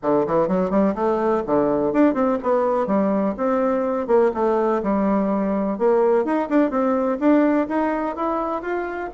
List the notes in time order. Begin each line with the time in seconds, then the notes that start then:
0.02 D3
0.26 E3
0.48 F#3
0.70 G3
0.94 A3
1.46 D3
1.92 D4
2.13 C4
2.43 B3
2.86 G3
3.37 C4
4.07 A#3
4.33 A3
4.82 G3
5.78 A#3
6.24 D#4
6.49 D4
6.70 C4
7.19 D4
7.68 D#4
8.16 E4
8.62 F4